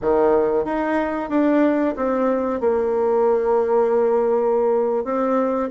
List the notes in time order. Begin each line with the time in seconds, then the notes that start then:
0.01 D#3
0.64 D#4
1.29 D4
1.96 C4
2.60 A#3
5.04 C4